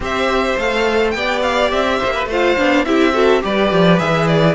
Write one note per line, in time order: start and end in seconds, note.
0.00 0.55 C4
0.00 0.58 G4
0.00 1.16 C5
0.00 0.58 E5
0.57 1.14 A3
0.57 1.15 A4
0.57 1.11 F5
1.11 1.71 B3
1.11 2.29 G4
1.11 1.98 D5
1.11 1.39 G5
1.42 1.70 F5
1.71 2.00 C4
1.71 2.28 E5
1.98 2.25 A#3
1.98 2.12 C5
2.14 2.28 B4
2.25 2.54 A3
2.25 2.57 F4
2.25 2.85 C5
2.32 2.84 F5
2.57 2.86 B3
2.57 2.85 D4
2.84 3.43 C4
2.84 3.12 E4
2.84 3.13 G4
2.84 3.42 E5
3.12 3.41 F#4
3.12 3.42 A4
3.41 3.71 G3
3.41 3.98 G4
3.41 4.55 B4
3.41 3.99 D5
3.71 4.00 F3
3.98 4.55 E3
3.98 4.55 G#4
3.98 4.27 E5
4.27 4.55 D5